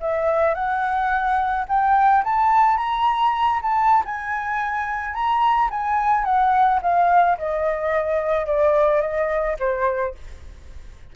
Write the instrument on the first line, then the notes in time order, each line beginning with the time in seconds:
flute
0.00 E5
0.54 F#5
1.68 G5
2.24 A5
2.77 A#5
3.62 A5
4.05 G#5
5.14 A#5
5.70 G#5
6.24 F#5
6.82 F5
7.38 D#5
8.46 D5
9.01 D#5
9.59 C5